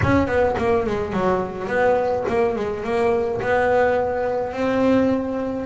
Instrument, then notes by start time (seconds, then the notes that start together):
double bass
0.02 C#4
0.27 B3
0.58 A#3
0.86 G#3
1.13 F#3
1.67 B3
2.27 A#3
2.55 G#3
2.84 A#3
3.41 B3
4.53 C4